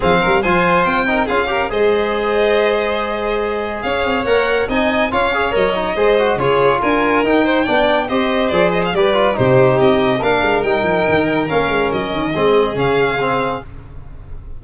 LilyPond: <<
  \new Staff \with { instrumentName = "violin" } { \time 4/4 \tempo 4 = 141 f''4 gis''4 g''4 f''4 | dis''1~ | dis''4 f''4 fis''4 gis''4 | f''4 dis''2 cis''4 |
gis''4 g''2 dis''4 | d''8 dis''16 f''16 d''4 c''4 dis''4 | f''4 g''2 f''4 | dis''2 f''2 | }
  \new Staff \with { instrumentName = "violin" } { \time 4/4 gis'8 ais'8 c''4. ais'8 gis'8 ais'8 | c''1~ | c''4 cis''2 dis''4 | cis''2 c''4 gis'4 |
ais'4. c''8 d''4 c''4~ | c''4 b'4 g'2 | ais'1~ | ais'4 gis'2. | }
  \new Staff \with { instrumentName = "trombone" } { \time 4/4 c'4 f'4. dis'8 f'8 g'8 | gis'1~ | gis'2 ais'4 dis'4 | f'8 gis'8 ais'8 dis'8 gis'8 fis'8 f'4~ |
f'4 dis'4 d'4 g'4 | gis'4 g'8 f'8 dis'2 | d'4 dis'2 cis'4~ | cis'4 c'4 cis'4 c'4 | }
  \new Staff \with { instrumentName = "tuba" } { \time 4/4 f8 g8 f4 c'4 cis'4 | gis1~ | gis4 cis'8 c'8 ais4 c'4 | cis'4 fis4 gis4 cis4 |
d'4 dis'4 b4 c'4 | f4 g4 c4 c'4 | ais8 gis8 g8 f8 dis4 ais8 gis8 | fis8 dis8 gis4 cis2 | }
>>